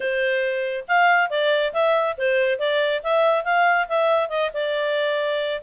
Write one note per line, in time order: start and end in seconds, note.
0.00 0.84 C5
0.88 1.29 F5
1.29 1.73 D5
1.73 2.16 E5
2.17 2.58 C5
2.58 3.01 D5
3.03 3.44 E5
3.44 3.87 F5
3.88 4.29 E5
4.29 4.50 D#5
4.53 5.61 D5